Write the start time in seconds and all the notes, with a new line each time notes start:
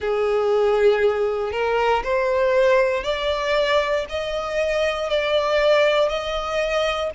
0.00 G#4
1.52 A#4
2.03 C5
3.03 D5
4.09 D#5
5.09 D5
6.08 D#5